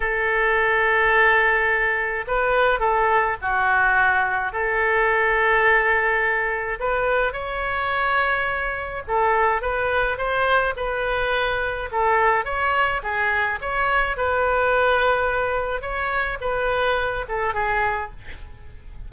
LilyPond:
\new Staff \with { instrumentName = "oboe" } { \time 4/4 \tempo 4 = 106 a'1 | b'4 a'4 fis'2 | a'1 | b'4 cis''2. |
a'4 b'4 c''4 b'4~ | b'4 a'4 cis''4 gis'4 | cis''4 b'2. | cis''4 b'4. a'8 gis'4 | }